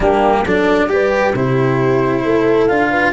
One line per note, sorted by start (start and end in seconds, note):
0.00 0.41 G3
0.00 0.45 A#3
0.00 0.41 D4
0.00 0.44 G4
0.44 0.87 F#3
0.44 0.89 D4
0.44 0.89 A4
0.44 1.34 D5
0.87 1.32 G3
0.87 1.34 G4
0.87 1.36 B4
1.34 2.23 C3
1.34 2.69 E4
1.34 2.23 G4
1.34 2.66 C5
2.23 2.69 A3
2.23 2.90 A4
2.66 3.13 D4
2.66 3.13 F4
2.66 3.11 F5
2.90 3.12 B4